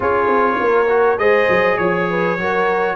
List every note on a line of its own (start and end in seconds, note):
0.00 0.27 C#4
0.00 0.87 F4
0.00 0.57 G#4
0.00 1.18 C#5
0.27 0.57 C4
0.60 1.18 A#3
0.60 1.19 A#4
0.88 1.18 F#4
1.18 1.48 G#3
1.18 2.38 G#4
1.18 1.78 C5
1.18 1.77 D#5
1.49 1.78 F#3
1.77 2.37 F3
1.77 2.95 C#5
1.77 2.08 C#5
2.09 2.39 B4
2.37 2.95 F#3
2.37 2.95 F#4
2.37 2.95 A#4